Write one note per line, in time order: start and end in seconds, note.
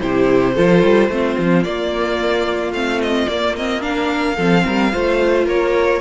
0.00 0.57 C3
0.00 0.56 E4
0.00 0.55 G4
0.00 1.63 C5
0.55 0.83 F3
0.55 1.10 F4
0.55 1.09 A4
0.83 1.08 G3
1.08 1.36 A3
1.08 1.64 C4
1.08 3.82 F4
1.38 1.66 F3
1.63 2.74 A#3
1.63 2.72 A#3
1.63 2.72 D5
2.72 3.27 A3
2.72 3.29 C4
2.72 3.01 F5
3.01 3.28 D#5
3.28 4.37 A#3
3.28 3.57 A#3
3.28 3.56 D5
3.56 3.81 C4
3.56 3.82 D#5
3.81 4.35 D4
3.81 4.37 A#4
3.81 5.45 F5
4.37 4.65 F3
4.37 4.92 C4
4.37 4.64 A4
4.66 4.94 G3
4.66 4.92 A#4
4.92 5.47 A3
4.92 6.01 F4
4.92 5.46 C5
5.46 6.01 A#3
5.46 6.00 A#4
5.46 6.01 C#5